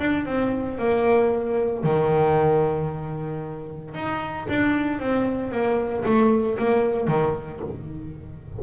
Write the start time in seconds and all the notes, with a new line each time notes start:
0.00 D4
0.26 C4
0.79 A#3
1.84 D#3
3.95 D#4
4.49 D4
5.00 C4
5.52 A#3
6.06 A3
6.59 A#3
7.08 D#3